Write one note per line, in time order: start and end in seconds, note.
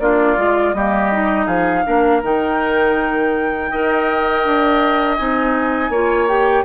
0.00 0.37 A#3
0.00 0.37 D4
0.00 0.76 F4
0.00 0.74 D5
0.37 0.74 G#3
0.37 0.74 F4
0.74 1.47 G3
0.74 1.12 A#3
0.74 1.46 G4
0.74 1.47 D#5
1.12 1.85 D#4
1.46 1.84 F3
1.46 1.83 G#4
1.46 2.21 F5
1.85 2.23 A#3
1.85 2.22 D4
1.85 3.71 A#4
2.23 3.71 D#3
2.23 3.71 D#4
2.23 5.16 G5
3.71 4.45 D#4
3.71 5.18 A#4
3.71 5.91 D#5
4.45 5.19 D4
5.16 5.89 C4
5.16 5.92 D#4
5.16 6.27 G#5
5.89 6.63 A#3
5.89 6.29 F4
5.89 6.65 C#5
6.28 6.65 G4
6.28 6.65 G5